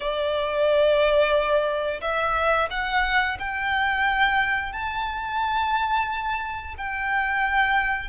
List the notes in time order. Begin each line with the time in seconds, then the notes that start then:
0.00 D5
2.01 E5
2.70 F#5
3.39 G5
4.72 A5
6.77 G5